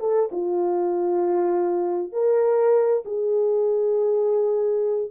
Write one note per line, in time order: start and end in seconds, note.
0.00 0.30 A4
0.32 2.13 F4
2.13 3.04 A#4
3.06 5.12 G#4